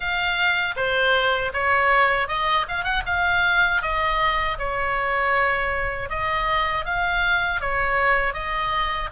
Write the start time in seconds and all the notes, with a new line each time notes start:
0.00 F5
0.76 C5
1.53 C#5
2.28 D#5
2.68 F5
2.83 F#5
3.06 F5
3.81 D#5
4.58 C#5
6.09 D#5
6.85 F5
7.60 C#5
8.33 D#5